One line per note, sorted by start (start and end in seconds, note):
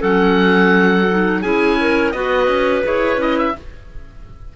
0.00 1.43 F#3
0.00 1.06 C#4
0.00 1.41 A4
0.00 1.42 F#5
1.10 1.44 D#4
1.41 2.14 C#4
1.41 2.14 E4
1.41 1.76 G#4
1.41 2.11 G#5
1.80 2.13 A#4
2.11 2.47 B3
2.11 2.83 F#4
2.11 3.54 B4
2.11 2.81 D#5
2.47 2.83 C#4
2.83 3.17 E4
2.83 3.17 G#4
2.83 3.21 C#5
3.17 3.52 C#4
3.17 3.53 E4
3.17 3.38 D#5
3.38 3.56 E5